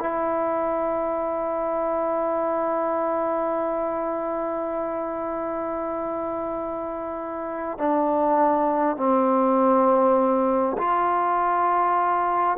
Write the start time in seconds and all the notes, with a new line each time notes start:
0.00 E4
7.78 D4
8.97 C4
10.78 F4